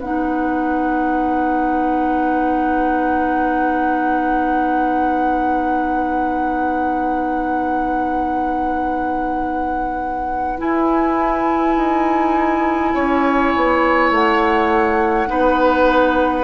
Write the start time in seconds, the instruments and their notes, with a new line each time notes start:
0.00 bassoon B3, clarinet D#4, oboe B4, flute F#5
10.58 clarinet E4, bassoon E4, flute G#5
11.77 bassoon D#4
12.94 bassoon C#4, oboe C#5
13.57 bassoon B3
14.11 bassoon A3, flute F#5
15.28 bassoon B3, clarinet D#4, oboe B4